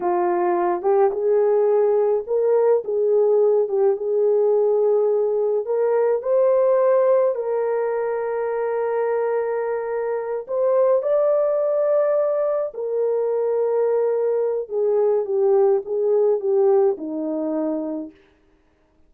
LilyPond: \new Staff \with { instrumentName = "horn" } { \time 4/4 \tempo 4 = 106 f'4. g'8 gis'2 | ais'4 gis'4. g'8 gis'4~ | gis'2 ais'4 c''4~ | c''4 ais'2.~ |
ais'2~ ais'8 c''4 d''8~ | d''2~ d''8 ais'4.~ | ais'2 gis'4 g'4 | gis'4 g'4 dis'2 | }